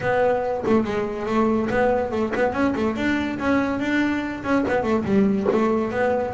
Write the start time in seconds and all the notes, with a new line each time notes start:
0.01 B3
0.65 A3
0.84 G#3
1.26 A3
1.70 B3
2.11 A3
2.35 B3
2.52 C#4
2.75 A3
2.96 D4
3.39 C#4
3.79 D4
4.43 C#4
4.67 B3
4.83 A3
5.04 G3
5.51 A3
5.91 B3